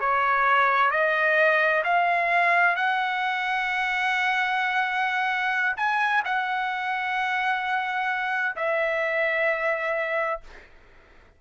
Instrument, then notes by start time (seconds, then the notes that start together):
trumpet
0.00 C#5
0.91 D#5
1.84 F5
2.76 F#5
5.77 G#5
6.25 F#5
8.56 E5